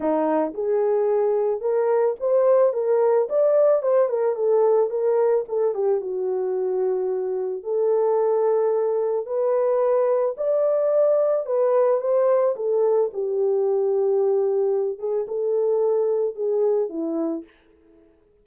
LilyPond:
\new Staff \with { instrumentName = "horn" } { \time 4/4 \tempo 4 = 110 dis'4 gis'2 ais'4 | c''4 ais'4 d''4 c''8 ais'8 | a'4 ais'4 a'8 g'8 fis'4~ | fis'2 a'2~ |
a'4 b'2 d''4~ | d''4 b'4 c''4 a'4 | g'2.~ g'8 gis'8 | a'2 gis'4 e'4 | }